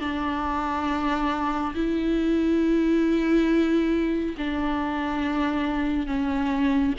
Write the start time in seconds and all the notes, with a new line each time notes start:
0.00 D4
1.75 E4
4.38 D4
6.07 C#4